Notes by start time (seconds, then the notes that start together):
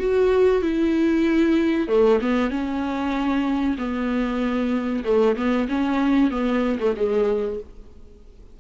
0.00 F#4
0.63 E4
1.88 A3
2.22 B3
2.51 C#4
3.78 B3
5.05 A3
5.37 B3
5.69 C#4
6.31 B3
6.80 A3
6.97 G#3